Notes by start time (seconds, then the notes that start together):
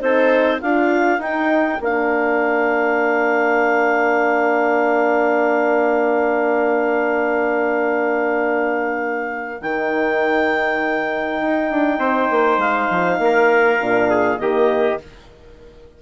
0.00 C4 D#4 A4 C5
0.58 D4 F4 A#4 F5
1.18 D#4 G5
1.80 A#3 D4 F5
9.61 D#3 D#4 G5
11.41 D#4
11.70 D4
11.98 C4 C5
12.30 A#3
12.57 G#3 F5
12.90 F3
13.18 A#3 A#4
13.80 A#2 D4
14.10 G#4
14.38 D#3 A#3 G4 D#5